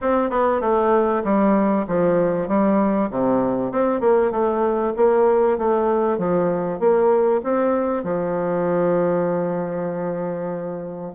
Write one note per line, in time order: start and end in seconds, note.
0.01 0.30 C4
0.30 0.60 B3
0.60 1.22 A3
1.24 1.86 G3
1.87 2.47 F3
2.47 3.09 G3
3.10 3.71 C3
3.71 4.00 C4
4.00 4.31 A#3
4.31 4.93 A3
4.96 5.58 A#3
5.58 6.18 A3
6.18 6.79 F3
6.79 7.41 A#3
7.43 8.03 C4
8.03 11.13 F3